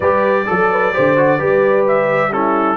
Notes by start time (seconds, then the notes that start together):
0.00 G3 G4 B4 D5
0.45 F#3 A4
0.71 B4
0.93 D3 G4 C5
1.16 F#4
1.38 G3 G4 B4
1.87 E5
2.31 C#4 E4 A4